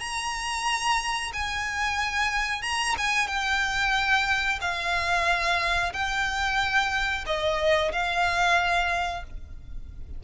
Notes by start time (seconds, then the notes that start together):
0.00 A#5
1.33 G#5
2.62 A#5
2.98 G#5
3.28 G5
4.61 F5
5.93 G5
7.26 D#5
7.92 F5